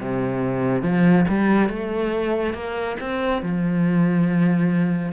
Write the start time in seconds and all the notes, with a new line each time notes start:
0.00 C3
0.82 F3
1.28 G3
1.69 A3
2.54 A#3
3.00 C4
3.42 F3